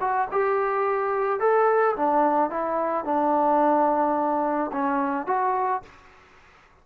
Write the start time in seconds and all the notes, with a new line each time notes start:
0.00 F#4
0.31 G4
1.40 A4
1.96 D4
2.50 E4
3.04 D4
4.72 C#4
5.27 F#4